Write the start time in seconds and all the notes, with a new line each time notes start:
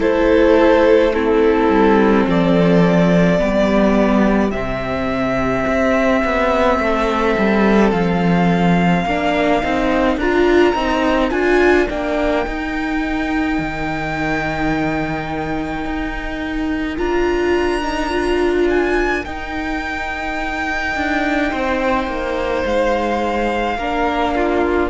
0.00 A3 E4 A4 C5
1.13 C4 E4 A4
1.69 G3
2.28 F3 A4 D5
3.39 G3 B3 G4
4.51 C3 C4 E5
5.67 C4
6.25 B3
6.79 A3 A4
7.39 G3
7.92 F3 F5
9.04 A#3 D4 A#4
9.63 C4 D#4
10.17 D4 F4 A#5
10.75 C4 D#4
11.31 D4 F4 G#5
11.90 A#3 D4 G5
12.47 D#4
13.59 D#3
15.85 D#4
16.97 D4 F4 A#5
17.83 D#4
18.10 F4
18.70 G#5
19.25 D#4 G5
20.96 D4
21.51 C4 C5
22.08 A#3
22.66 G#3 F5
23.78 A#3 D4 A#4
24.36 F4